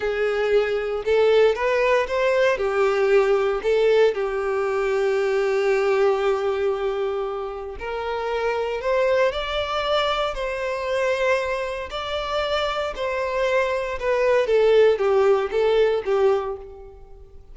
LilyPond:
\new Staff \with { instrumentName = "violin" } { \time 4/4 \tempo 4 = 116 gis'2 a'4 b'4 | c''4 g'2 a'4 | g'1~ | g'2. ais'4~ |
ais'4 c''4 d''2 | c''2. d''4~ | d''4 c''2 b'4 | a'4 g'4 a'4 g'4 | }